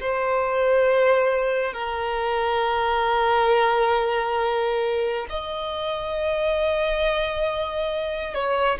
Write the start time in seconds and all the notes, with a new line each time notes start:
0.00 C5
1.73 A#4
5.30 D#5
8.35 C#5